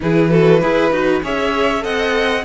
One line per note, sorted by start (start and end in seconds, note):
0.00 0.62 E3
0.00 0.30 E4
0.00 0.30 G#4
0.00 1.23 B4
0.30 0.60 F#4
0.30 0.61 A4
0.61 0.91 E4
0.61 0.92 G#4
0.61 1.22 B4
0.91 1.22 D#4
0.91 1.22 F#4
1.22 1.84 C#4
1.22 1.80 G#4
1.22 1.83 C#5
1.22 1.84 E5
1.80 2.44 C4
1.80 2.41 A4
1.80 2.44 D#5
1.80 2.44 F#5